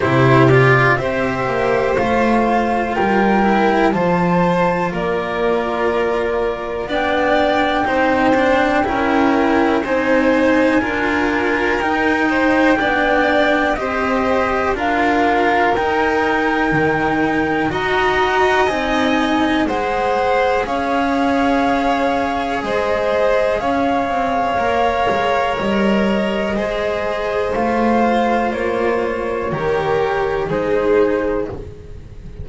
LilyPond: <<
  \new Staff \with { instrumentName = "flute" } { \time 4/4 \tempo 4 = 61 c''8 d''8 e''4 f''4 g''4 | a''4 d''2 g''4~ | g''2 gis''2 | g''2 dis''4 f''4 |
g''2 ais''4 gis''4 | fis''4 f''2 dis''4 | f''2 dis''2 | f''4 cis''2 c''4 | }
  \new Staff \with { instrumentName = "violin" } { \time 4/4 g'4 c''2 ais'4 | c''4 ais'2 d''4 | c''4 ais'4 c''4 ais'4~ | ais'8 c''8 d''4 c''4 ais'4~ |
ais'2 dis''2 | c''4 cis''2 c''4 | cis''2. c''4~ | c''2 ais'4 gis'4 | }
  \new Staff \with { instrumentName = "cello" } { \time 4/4 e'8 f'8 g'4 f'4. e'8 | f'2. d'4 | dis'8 d'8 e'4 dis'4 f'4 | dis'4 d'4 g'4 f'4 |
dis'2 fis'4 dis'4 | gis'1~ | gis'4 ais'2 gis'4 | f'2 g'4 dis'4 | }
  \new Staff \with { instrumentName = "double bass" } { \time 4/4 c4 c'8 ais8 a4 g4 | f4 ais2 b4 | c'4 cis'4 c'4 d'4 | dis'4 b4 c'4 d'4 |
dis'4 dis4 dis'4 c'4 | gis4 cis'2 gis4 | cis'8 c'8 ais8 gis8 g4 gis4 | a4 ais4 dis4 gis4 | }
>>